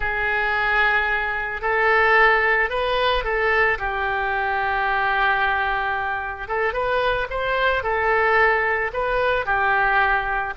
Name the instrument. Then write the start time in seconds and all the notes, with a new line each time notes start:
oboe
0.00 G#4
1.61 A4
2.69 B4
3.23 A4
3.78 G4
6.47 A4
6.73 B4
7.30 C5
7.83 A4
8.93 B4
9.45 G4